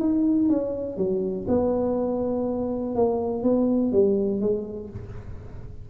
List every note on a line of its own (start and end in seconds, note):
0.00 0.49 D#4
0.50 0.97 C#4
0.97 1.47 F#3
1.48 2.96 B3
2.96 3.43 A#3
3.43 3.93 B3
3.93 4.41 G3
4.41 4.90 G#3